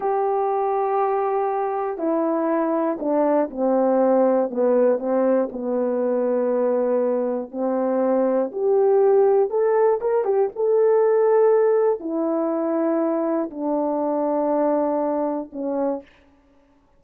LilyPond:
\new Staff \with { instrumentName = "horn" } { \time 4/4 \tempo 4 = 120 g'1 | e'2 d'4 c'4~ | c'4 b4 c'4 b4~ | b2. c'4~ |
c'4 g'2 a'4 | ais'8 g'8 a'2. | e'2. d'4~ | d'2. cis'4 | }